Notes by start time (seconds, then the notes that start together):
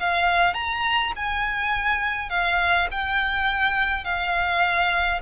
0.00 F5
0.55 A#5
1.17 G#5
2.30 F5
2.92 G5
4.05 F5